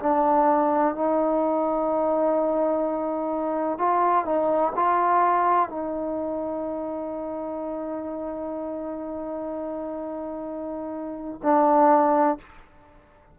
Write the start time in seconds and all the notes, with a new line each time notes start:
0.00 D4
0.95 D#4
3.79 F4
4.26 D#4
4.76 F4
5.70 D#4
11.43 D4